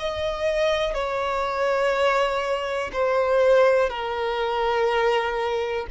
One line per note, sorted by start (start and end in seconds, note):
0.00 0.94 D#5
0.94 2.91 C#5
2.93 3.90 C5
3.90 5.87 A#4